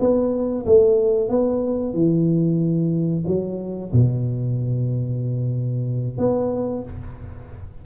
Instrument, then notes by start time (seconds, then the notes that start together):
tuba
0.00 B3
0.66 A3
1.29 B3
1.94 E3
3.27 F#3
3.93 B2
6.18 B3